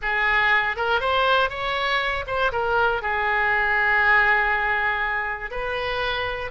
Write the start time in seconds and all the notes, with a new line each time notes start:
0.02 G#4
0.76 A#4
1.00 C5
1.49 C#5
2.26 C5
2.51 A#4
3.02 G#4
5.50 B4